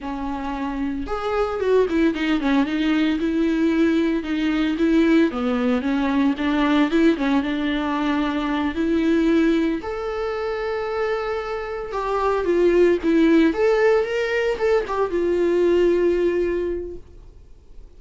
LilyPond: \new Staff \with { instrumentName = "viola" } { \time 4/4 \tempo 4 = 113 cis'2 gis'4 fis'8 e'8 | dis'8 cis'8 dis'4 e'2 | dis'4 e'4 b4 cis'4 | d'4 e'8 cis'8 d'2~ |
d'8 e'2 a'4.~ | a'2~ a'8 g'4 f'8~ | f'8 e'4 a'4 ais'4 a'8 | g'8 f'2.~ f'8 | }